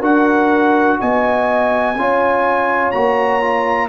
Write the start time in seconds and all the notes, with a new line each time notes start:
0.00 D4 F#4 A#4 F#5
1.00 B3 D#5 G#5
1.95 C#4 F4 C#5
2.92 A#3 F#4 A#5
3.41 F4